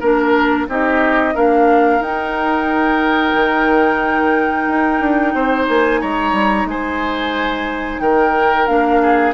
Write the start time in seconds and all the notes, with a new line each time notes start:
0.00 A#3 D4 A#4
0.68 C4 D#4 G4 D#5
1.34 A#3 D4 A#4 F5
2.00 D#4 G5
3.34 D#3
4.67 D#4
5.01 D4
5.34 C4 C5
5.68 A#3 G#5
6.01 G#3 C#5 A#5
6.33 G3
6.65 G#3 C5 G#5
8.00 D#3 A#4 G5
8.67 A#3 D4 F5
9.02 G#4